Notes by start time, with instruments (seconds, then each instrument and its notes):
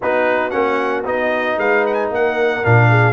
0.01 tuba B3, trombone D#4, horn F#4, trumpet B4
0.50 tuba A#3, trombone C#4, trumpet F#5
1.04 tuba B3, trombone D#4, trumpet D#5
1.57 tuba G#3, horn B4, trumpet F5
1.86 trumpet F#5
1.93 trumpet G#5
2.10 tuba A#3, horn A#4, trumpet F#5
2.63 tuba A#2, trombone D4, trumpet F5
2.89 horn G#4